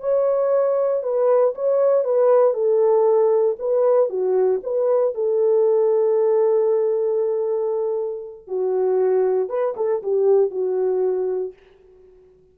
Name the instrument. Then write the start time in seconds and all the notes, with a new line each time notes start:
horn
0.00 C#5
1.03 B4
1.55 C#5
2.04 B4
2.53 A4
3.59 B4
4.09 F#4
4.63 B4
5.14 A4
8.47 F#4
9.49 B4
9.76 A4
10.02 G4
10.50 F#4